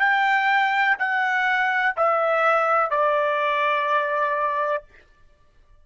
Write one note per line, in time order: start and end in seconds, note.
0.00 0.97 G5
0.99 1.95 F#5
1.97 2.91 E5
2.91 4.84 D5